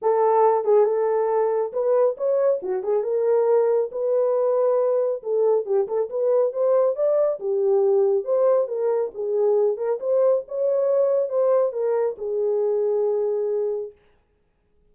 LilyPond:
\new Staff \with { instrumentName = "horn" } { \time 4/4 \tempo 4 = 138 a'4. gis'8 a'2 | b'4 cis''4 fis'8 gis'8 ais'4~ | ais'4 b'2. | a'4 g'8 a'8 b'4 c''4 |
d''4 g'2 c''4 | ais'4 gis'4. ais'8 c''4 | cis''2 c''4 ais'4 | gis'1 | }